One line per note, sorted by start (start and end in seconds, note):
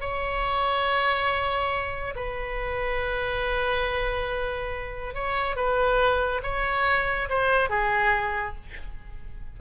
0.00 2.14 C#5
2.15 5.14 B4
5.14 5.56 C#5
5.56 6.41 B4
6.43 7.28 C#5
7.29 7.69 C5
7.69 8.55 G#4